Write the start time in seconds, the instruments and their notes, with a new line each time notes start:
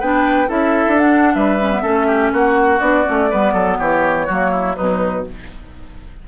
0.00 bassoon B3, clarinet D4, oboe B4, flute G5
0.48 bassoon C#4, clarinet E4, oboe A4, flute E5
0.88 bassoon D4
0.99 clarinet D4, flute F#5
1.34 bassoon G3, oboe B4, flute E5
1.60 clarinet C#4
1.72 clarinet B3
1.82 bassoon A3, clarinet C#4, oboe A4
2.07 oboe G4
2.33 bassoon A#3, oboe F#4, flute F#5
2.80 bassoon B3, clarinet D4, flute D5
3.05 bassoon A3, clarinet C#4
3.31 bassoon G3, clarinet B3, oboe B4
3.54 bassoon F#3, oboe A4
3.79 bassoon E3, oboe G4, flute C#5
4.27 bassoon F#3, clarinet A#3, oboe F#4
4.52 oboe E4
4.76 bassoon B2, clarinet F#3, oboe D#4, flute B4